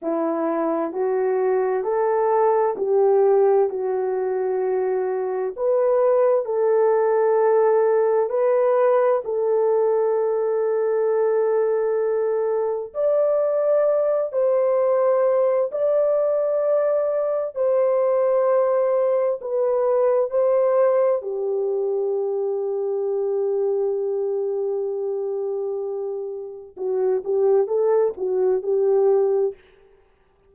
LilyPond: \new Staff \with { instrumentName = "horn" } { \time 4/4 \tempo 4 = 65 e'4 fis'4 a'4 g'4 | fis'2 b'4 a'4~ | a'4 b'4 a'2~ | a'2 d''4. c''8~ |
c''4 d''2 c''4~ | c''4 b'4 c''4 g'4~ | g'1~ | g'4 fis'8 g'8 a'8 fis'8 g'4 | }